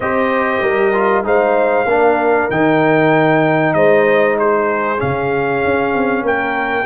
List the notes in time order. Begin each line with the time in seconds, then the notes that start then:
0.00 C4 G4 C5 D#5
0.61 G3 A#4
0.93 F4
1.23 G#3 D#4 C5 F5
1.85 A#3 D4
1.92 A#4
2.50 D#3 D#4 G5
3.73 G#3 C5 D#5
4.39 G#4 C5
4.97 C#3 C#4 F5
5.65 C#4
5.94 C4
6.21 A#3 A#4 G5